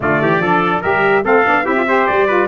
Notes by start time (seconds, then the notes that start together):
0.00 D3 A3 F4 D5
0.21 E3 G4
0.38 F3 D4 A4
0.81 G3 G4 A#4 E5
1.23 A3 C4 A4 F5
1.45 B3 D4
1.64 C4 E4 G4 E5
1.75 F4
1.86 G4 C5
2.06 G3 D5
2.26 F4 B4